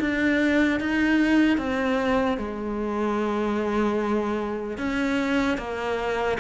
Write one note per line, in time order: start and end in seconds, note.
0.00 0.80 D4
0.80 1.57 D#4
1.57 2.37 C4
2.38 4.78 G#3
4.78 5.58 C#4
5.58 6.38 A#3